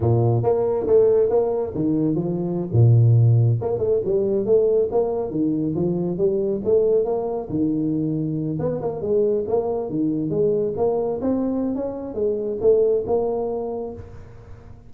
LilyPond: \new Staff \with { instrumentName = "tuba" } { \time 4/4 \tempo 4 = 138 ais,4 ais4 a4 ais4 | dis4 f4~ f16 ais,4.~ ais,16~ | ais,16 ais8 a8 g4 a4 ais8.~ | ais16 dis4 f4 g4 a8.~ |
a16 ais4 dis2~ dis8 b16~ | b16 ais8 gis4 ais4 dis4 gis16~ | gis8. ais4 c'4~ c'16 cis'4 | gis4 a4 ais2 | }